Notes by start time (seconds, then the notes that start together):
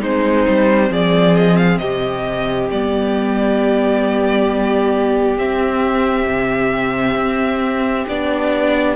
0.00 G#3 C4 D#4 C5
0.47 G3
0.90 F3 G#4 D5
1.35 D#5
1.56 F5
1.77 C3 G4 D#5
2.70 G3 B3 D5
5.37 C4 E5
6.26 C3
7.15 C4
8.08 B3 D4 D5